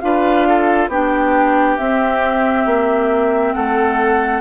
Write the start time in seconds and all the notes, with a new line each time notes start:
0.00 D4 F4 B4 F5
0.48 A4
0.89 B3 D4 G4 G5
1.77 C4 E5
2.66 A#3
3.54 A3 A4 F#5